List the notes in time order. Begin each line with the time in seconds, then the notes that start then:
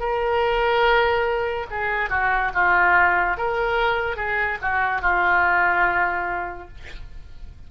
0.00 A#4
1.71 G#4
2.10 F#4
2.55 F4
3.37 A#4
4.17 G#4
4.62 F#4
5.02 F4